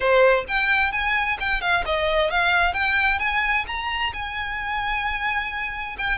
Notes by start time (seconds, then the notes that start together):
0.00 C5
0.47 G5
0.92 G#5
1.39 G5
1.61 F5
1.85 D#5
2.30 F5
2.73 G5
3.19 G#5
3.67 A#5
4.13 G#5
5.98 G5